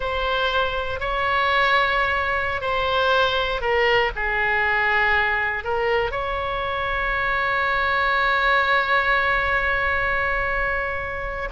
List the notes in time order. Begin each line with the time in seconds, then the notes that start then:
0.00 C5
1.00 C#5
2.61 C5
3.61 A#4
4.15 G#4
5.64 A#4
6.11 C#5